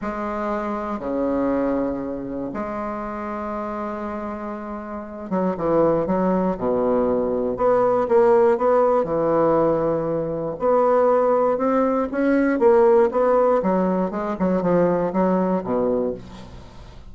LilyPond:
\new Staff \with { instrumentName = "bassoon" } { \time 4/4 \tempo 4 = 119 gis2 cis2~ | cis4 gis2.~ | gis2~ gis8 fis8 e4 | fis4 b,2 b4 |
ais4 b4 e2~ | e4 b2 c'4 | cis'4 ais4 b4 fis4 | gis8 fis8 f4 fis4 b,4 | }